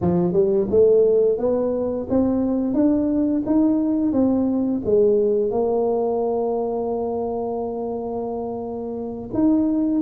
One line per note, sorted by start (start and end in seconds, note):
0.01 0.32 F3
0.32 0.67 G3
0.70 1.38 A3
1.38 2.07 B3
2.09 2.74 C4
2.74 3.43 D4
3.45 4.12 D#4
4.12 4.81 C4
4.85 5.50 G#3
5.50 9.30 A#3
9.33 10.01 D#4